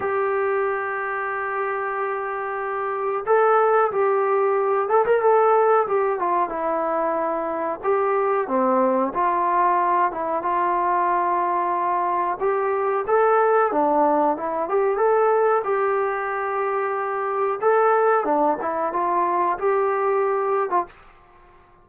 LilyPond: \new Staff \with { instrumentName = "trombone" } { \time 4/4 \tempo 4 = 92 g'1~ | g'4 a'4 g'4. a'16 ais'16 | a'4 g'8 f'8 e'2 | g'4 c'4 f'4. e'8 |
f'2. g'4 | a'4 d'4 e'8 g'8 a'4 | g'2. a'4 | d'8 e'8 f'4 g'4.~ g'16 f'16 | }